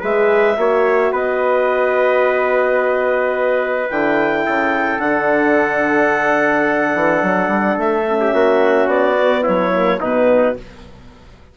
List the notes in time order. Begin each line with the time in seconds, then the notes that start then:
0.00 G#3 G#4 B4 E5
0.57 A#3 F#4 C#5
1.11 B3 B4 D#5
3.90 D3 E4 G5
4.45 C#3 A4
4.98 D3 D4 F#5
6.94 E3
7.22 F#3
7.48 G3
7.77 A3 E5
8.07 C#4
8.20 G4
8.33 A#3 F#4
8.86 B3 D5
9.17 B3
9.42 F#3 E4 C#5
9.72 A#3
10.00 B2 B3 D#4 B4